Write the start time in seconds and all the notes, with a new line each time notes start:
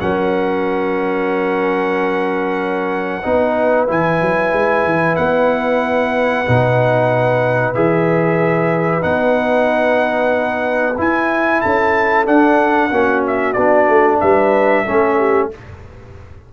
0.00 F#3 C#4 A#4 F#5
3.23 B3 D#4 B4
3.88 E3 E4 G#5
4.22 F#3
4.53 G#3
4.85 E3
5.16 B3 F#5
6.46 B2 D#4
7.74 E3 G#4 E5
9.01 B3 D#4 F#5
10.98 E4 G#5
11.61 C#4 A4 A5
12.26 D4 F#5
12.91 A#3 C#4 F#4
13.27 E5
13.53 B3 D4 D5
13.89 A3
14.20 G3 B4 E5
14.85 A3 C#4 A4
15.18 G4